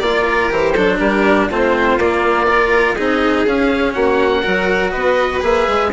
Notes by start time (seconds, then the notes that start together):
0.00 A#3 F4 D5
0.26 A#4
0.50 E3 G4 C5
0.73 F#3 D4 A4
0.99 G3 G4 A#4
1.50 A3 C4 F4 C5
1.97 A#3 D5
2.47 F4 A#4
2.95 C4 D#4 G#4 D#5
3.46 C#4 F5
3.94 A#3 F#4 F#5
4.42 F#3 F#4 A#4
4.91 B3 B4 D#5
5.41 A#3 G#4 E5
5.68 G#3